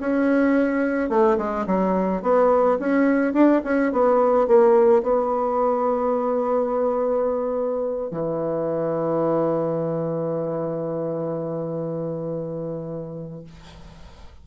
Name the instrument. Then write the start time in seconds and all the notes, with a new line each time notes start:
bassoon
0.00 C#4
1.09 A3
1.37 G#3
1.66 F#3
2.22 B3
2.79 C#4
3.33 D4
3.64 C#4
3.92 B3
4.47 A#3
5.02 B3
8.11 E3